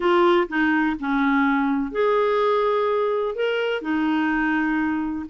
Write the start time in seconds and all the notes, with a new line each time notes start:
0.00 F4
0.48 D#4
0.99 C#4
1.91 G#4
3.35 A#4
3.81 D#4